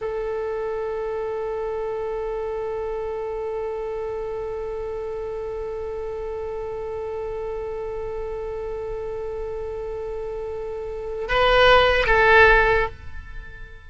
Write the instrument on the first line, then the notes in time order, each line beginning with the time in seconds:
oboe
0.01 A4
11.28 B4
12.06 A4